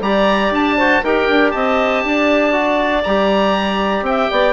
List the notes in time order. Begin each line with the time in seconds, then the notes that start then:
0.00 G3 G4 D5 A#5
0.50 D4 A5
0.77 F#4 C5
1.03 D#4 G4 A#4 G5
1.29 D4
1.51 C4 D#5 A5
2.04 D4 D5
2.52 F#4
3.03 G3 G4 A#5
4.01 C4 G5
4.08 E5
4.30 B3 D5